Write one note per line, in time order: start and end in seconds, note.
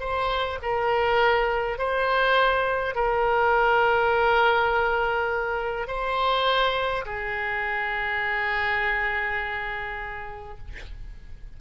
0.00 0.59 C5
0.63 1.78 A#4
1.78 2.95 C5
2.95 5.87 A#4
5.87 7.05 C5
7.05 10.58 G#4